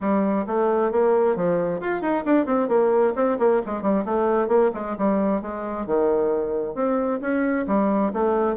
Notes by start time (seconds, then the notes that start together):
0.00 G3
0.47 A3
0.91 A#3
1.36 F3
1.80 F4
2.01 D#4
2.25 D4
2.45 C4
2.68 A#3
3.15 C4
3.39 A#3
3.66 G#3
3.81 G3
4.05 A3
4.48 A#3
4.74 G#3
4.97 G3
5.41 G#3
5.86 D#3
6.74 C4
7.21 C#4
7.67 G3
8.13 A3